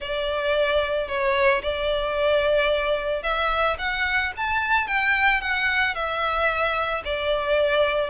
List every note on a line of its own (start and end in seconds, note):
0.00 1.08 D5
1.08 1.62 C#5
1.62 3.22 D5
3.22 3.76 E5
3.78 4.32 F#5
4.36 4.87 A5
4.87 5.41 G5
5.41 5.94 F#5
5.94 7.02 E5
7.04 8.10 D5